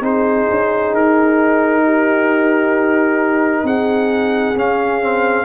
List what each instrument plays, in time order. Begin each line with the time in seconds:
0.00 tuba C4, trombone D#4, horn G#4, trumpet C5
0.50 tuba C#4
0.93 tuba D#4, trumpet A#4
1.85 horn G4
3.63 tuba C4, horn G#4, trumpet F#5
4.56 tuba C#4, trombone C#4, trumpet F5
5.01 trombone C4